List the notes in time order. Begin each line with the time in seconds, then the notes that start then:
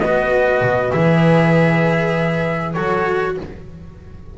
0.00 B3 F#4 B4 D#5
0.61 B2
0.92 E3 G#4 E5
2.73 F#3 F#4 A4 C#5